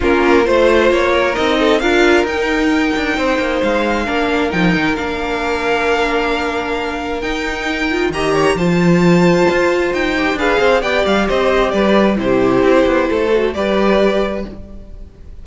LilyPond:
<<
  \new Staff \with { instrumentName = "violin" } { \time 4/4 \tempo 4 = 133 ais'4 c''4 cis''4 dis''4 | f''4 g''2. | f''2 g''4 f''4~ | f''1 |
g''2 ais''4 a''4~ | a''2 g''4 f''4 | g''8 f''8 dis''4 d''4 c''4~ | c''2 d''2 | }
  \new Staff \with { instrumentName = "violin" } { \time 4/4 f'4 c''4. ais'4 a'8 | ais'2. c''4~ | c''4 ais'2.~ | ais'1~ |
ais'2 dis''8 cis''8 c''4~ | c''2. b'8 c''8 | d''4 c''4 b'4 g'4~ | g'4 a'4 b'2 | }
  \new Staff \with { instrumentName = "viola" } { \time 4/4 cis'4 f'2 dis'4 | f'4 dis'2.~ | dis'4 d'4 dis'4 d'4~ | d'1 |
dis'4. f'8 g'4 f'4~ | f'2~ f'8 g'8 gis'4 | g'2. e'4~ | e'4. fis'8 g'2 | }
  \new Staff \with { instrumentName = "cello" } { \time 4/4 ais4 a4 ais4 c'4 | d'4 dis'4. d'8 c'8 ais8 | gis4 ais4 f8 dis8 ais4~ | ais1 |
dis'2 dis4 f4~ | f4 f'4 dis'4 d'8 c'8 | b8 g8 c'4 g4 c4 | c'8 b8 a4 g2 | }
>>